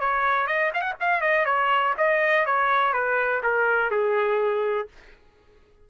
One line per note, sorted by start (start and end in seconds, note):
0.00 0.47 C#5
0.47 0.72 D#5
0.74 0.82 F5
0.82 0.94 F#5
1.00 1.22 F5
1.22 1.46 D#5
1.46 1.94 C#5
1.98 2.46 D#5
2.46 2.93 C#5
2.93 3.42 B4
3.43 3.91 A#4
3.91 4.89 G#4